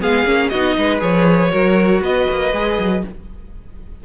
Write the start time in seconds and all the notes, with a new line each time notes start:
0.00 G#3 B3 G#4 F5
0.25 A#3 C#4
0.49 B3 D#4 F#4 D#5
0.77 G#3 B4
0.99 F3 G#4 C#5
1.51 F#3 F#4 A#4
2.01 B3 B4 D#5
2.30 A#3
2.52 G#3 G#4
2.78 F#3